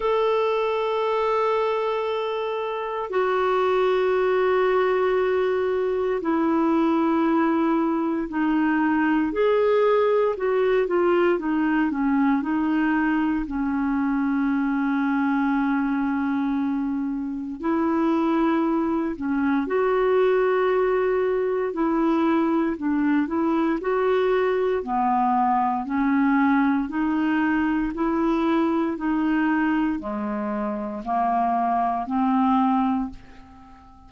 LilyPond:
\new Staff \with { instrumentName = "clarinet" } { \time 4/4 \tempo 4 = 58 a'2. fis'4~ | fis'2 e'2 | dis'4 gis'4 fis'8 f'8 dis'8 cis'8 | dis'4 cis'2.~ |
cis'4 e'4. cis'8 fis'4~ | fis'4 e'4 d'8 e'8 fis'4 | b4 cis'4 dis'4 e'4 | dis'4 gis4 ais4 c'4 | }